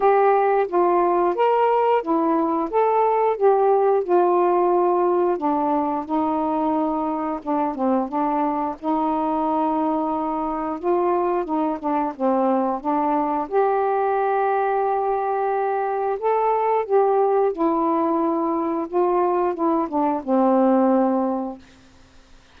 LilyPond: \new Staff \with { instrumentName = "saxophone" } { \time 4/4 \tempo 4 = 89 g'4 f'4 ais'4 e'4 | a'4 g'4 f'2 | d'4 dis'2 d'8 c'8 | d'4 dis'2. |
f'4 dis'8 d'8 c'4 d'4 | g'1 | a'4 g'4 e'2 | f'4 e'8 d'8 c'2 | }